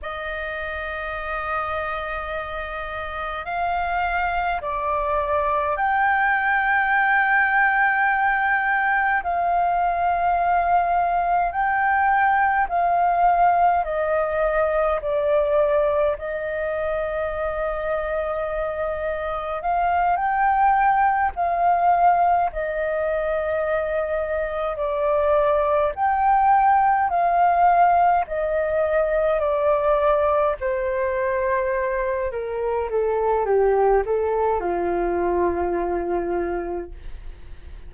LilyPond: \new Staff \with { instrumentName = "flute" } { \time 4/4 \tempo 4 = 52 dis''2. f''4 | d''4 g''2. | f''2 g''4 f''4 | dis''4 d''4 dis''2~ |
dis''4 f''8 g''4 f''4 dis''8~ | dis''4. d''4 g''4 f''8~ | f''8 dis''4 d''4 c''4. | ais'8 a'8 g'8 a'8 f'2 | }